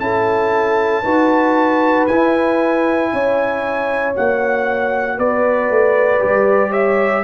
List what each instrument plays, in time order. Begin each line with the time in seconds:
0.00 tuba C#4, trombone E4, horn A4, trumpet A5
1.03 tuba D#4, trombone F#4, horn B4
2.07 tuba E4, trombone E4, trumpet G#5
3.13 tuba C#4, horn C#5
4.15 tuba A#3, trombone F#4, trumpet F#5
5.18 tuba B3, horn B4, trumpet D5
5.70 tuba A3
6.20 tuba G3, trombone G4
6.70 horn C#5, trumpet E5